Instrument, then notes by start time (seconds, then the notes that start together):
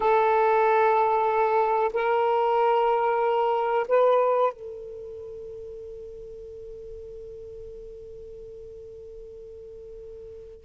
saxophone
0.00 A4
1.93 A#4
3.88 B4
4.52 A4